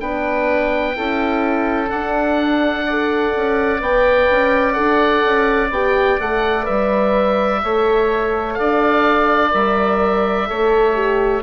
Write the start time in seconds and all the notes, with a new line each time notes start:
0.00 B3 D4 B4 G5
0.96 C#4 E4 A4
1.87 D4 F#5
2.86 A4 D5
3.36 C#4
3.80 B3 B4 G5
4.31 C#4
4.73 D4 A4 F#5
5.25 C#4
5.70 B3 G4 G5
6.20 A3 A4 F#5
6.64 G3 B4 E5
7.63 A3 A4 C#5
8.54 D4 D5 F5
9.51 G3 A#4 E5
10.47 A3 A4 C#5
10.94 G4